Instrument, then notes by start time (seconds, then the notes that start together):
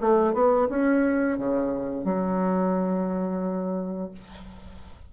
bassoon
0.00 A3
0.33 B3
0.69 C#4
1.38 C#3
2.04 F#3